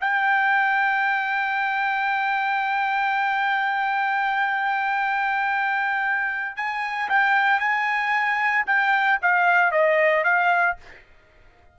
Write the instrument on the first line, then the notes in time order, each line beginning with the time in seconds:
trumpet
0.00 G5
6.56 G#5
7.09 G5
7.59 G#5
8.66 G5
9.22 F5
9.71 D#5
10.24 F5